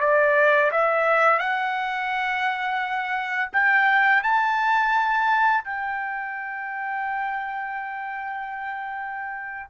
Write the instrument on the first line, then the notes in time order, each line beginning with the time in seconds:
trumpet
0.00 D5
0.72 E5
1.39 F#5
3.52 G5
4.23 A5
5.64 G5